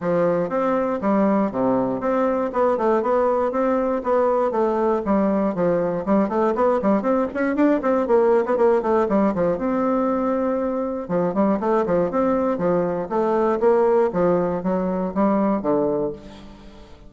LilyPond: \new Staff \with { instrumentName = "bassoon" } { \time 4/4 \tempo 4 = 119 f4 c'4 g4 c4 | c'4 b8 a8 b4 c'4 | b4 a4 g4 f4 | g8 a8 b8 g8 c'8 cis'8 d'8 c'8 |
ais8. b16 ais8 a8 g8 f8 c'4~ | c'2 f8 g8 a8 f8 | c'4 f4 a4 ais4 | f4 fis4 g4 d4 | }